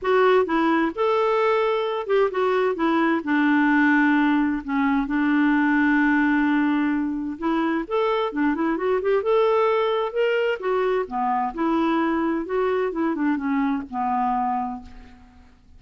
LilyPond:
\new Staff \with { instrumentName = "clarinet" } { \time 4/4 \tempo 4 = 130 fis'4 e'4 a'2~ | a'8 g'8 fis'4 e'4 d'4~ | d'2 cis'4 d'4~ | d'1 |
e'4 a'4 d'8 e'8 fis'8 g'8 | a'2 ais'4 fis'4 | b4 e'2 fis'4 | e'8 d'8 cis'4 b2 | }